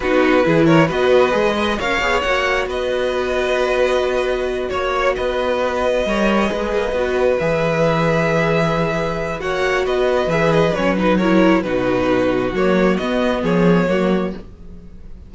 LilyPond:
<<
  \new Staff \with { instrumentName = "violin" } { \time 4/4 \tempo 4 = 134 b'4. cis''8 dis''2 | f''4 fis''4 dis''2~ | dis''2~ dis''8 cis''4 dis''8~ | dis''1~ |
dis''8 e''2.~ e''8~ | e''4 fis''4 dis''4 e''8 dis''8 | cis''8 b'8 cis''4 b'2 | cis''4 dis''4 cis''2 | }
  \new Staff \with { instrumentName = "violin" } { \time 4/4 fis'4 gis'8 ais'8 b'4. dis''8 | cis''2 b'2~ | b'2~ b'8 cis''4 b'8~ | b'4. cis''4 b'4.~ |
b'1~ | b'4 cis''4 b'2~ | b'4 ais'4 fis'2~ | fis'2 gis'4 fis'4 | }
  \new Staff \with { instrumentName = "viola" } { \time 4/4 dis'4 e'4 fis'4 gis'8 b'8 | ais'8 gis'8 fis'2.~ | fis'1~ | fis'4. ais'4 gis'4 fis'8~ |
fis'8 gis'2.~ gis'8~ | gis'4 fis'2 gis'4 | cis'8 dis'8 e'4 dis'2 | ais4 b2 ais4 | }
  \new Staff \with { instrumentName = "cello" } { \time 4/4 b4 e4 b4 gis4 | cis'8 b8 ais4 b2~ | b2~ b8 ais4 b8~ | b4. g4 gis8 ais8 b8~ |
b8 e2.~ e8~ | e4 ais4 b4 e4 | fis2 b,2 | fis4 b4 f4 fis4 | }
>>